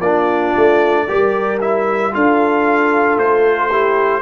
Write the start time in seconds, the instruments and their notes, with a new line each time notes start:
0.00 tuba A#3, trombone D4, horn F4, trumpet D5
0.56 tuba A3
1.07 tuba G3, trombone G4, horn A#4
1.61 trombone E4, trumpet E5
2.12 tuba D4, trombone F4, horn A4, trumpet F5
3.18 tuba A3, trumpet C5
3.69 trombone E4, horn G4